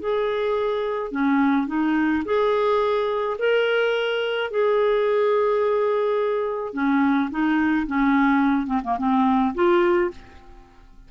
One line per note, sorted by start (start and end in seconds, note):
0.00 1.12 G#4
1.12 1.67 C#4
1.67 2.24 D#4
2.25 3.37 G#4
3.39 4.51 A#4
4.51 6.74 G#4
6.74 7.30 C#4
7.31 7.87 D#4
7.87 8.67 C#4
8.67 8.81 C4
8.84 8.98 A#3
8.98 9.55 C4
9.55 10.11 F4